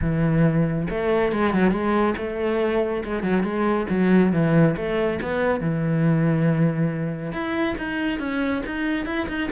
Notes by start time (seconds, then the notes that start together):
0.01 E3
0.89 A3
1.32 G#3
1.53 F#3
1.71 G#3
2.17 A3
3.04 G#3
3.22 F#3
3.43 G#3
3.89 F#3
4.32 E3
4.76 A3
5.21 B3
5.60 E3
7.32 E4
7.78 D#4
8.19 C#4
8.66 D#4
9.05 E4
9.28 D#4